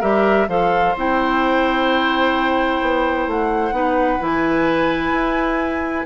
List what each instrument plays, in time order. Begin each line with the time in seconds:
0.00 bassoon G3, clarinet G4, oboe A#4, flute E5
0.48 bassoon F3, clarinet A4, oboe C5, flute F5
0.96 bassoon C4, clarinet E4, flute G5
2.81 bassoon B3
3.27 bassoon A3, flute F#5
3.72 bassoon B3, clarinet D#4, oboe B4
4.20 bassoon E3, clarinet E4, flute G#5
5.12 bassoon E4